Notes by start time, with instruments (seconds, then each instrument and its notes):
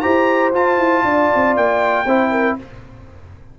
0.00 tuba E4, trombone G4, horn C5, trumpet A#5
0.53 tuba F4, trombone F4, trumpet A5
0.78 tuba E4
1.03 tuba D4, horn D5
1.35 tuba C4
1.56 tuba A#3, trumpet G5
2.05 tuba C4, trombone E4, horn C5
2.31 horn A#4